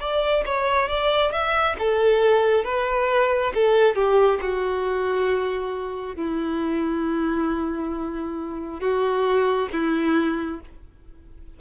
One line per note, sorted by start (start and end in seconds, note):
0.00 0.44 D5
0.46 0.89 C#5
0.89 1.32 D5
1.32 1.76 E5
1.79 2.65 A4
2.65 3.53 B4
3.55 3.95 A4
3.95 4.40 G4
4.41 6.16 F#4
6.16 8.80 E4
8.80 9.69 F#4
9.72 10.60 E4